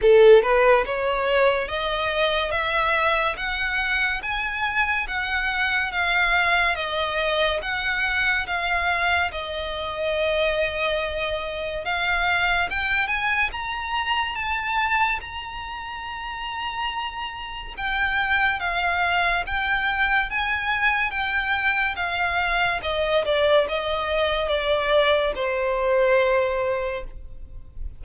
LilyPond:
\new Staff \with { instrumentName = "violin" } { \time 4/4 \tempo 4 = 71 a'8 b'8 cis''4 dis''4 e''4 | fis''4 gis''4 fis''4 f''4 | dis''4 fis''4 f''4 dis''4~ | dis''2 f''4 g''8 gis''8 |
ais''4 a''4 ais''2~ | ais''4 g''4 f''4 g''4 | gis''4 g''4 f''4 dis''8 d''8 | dis''4 d''4 c''2 | }